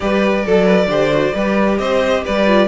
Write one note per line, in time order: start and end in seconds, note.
0.00 0.46 G3
0.00 0.45 G4
0.00 0.45 B4
0.00 1.78 D5
0.45 0.86 F#3
0.45 0.64 A4
0.45 0.89 A4
0.64 0.87 B4
0.86 1.31 D3
0.86 1.11 G4
0.86 1.34 C5
1.11 1.33 F#4
1.34 1.79 G3
1.34 2.46 G4
1.34 1.79 B4
1.78 2.24 C4
1.78 2.23 C5
1.78 2.22 D#5
2.23 2.67 G3
2.23 2.67 B4
2.23 2.67 D5
2.46 2.67 F4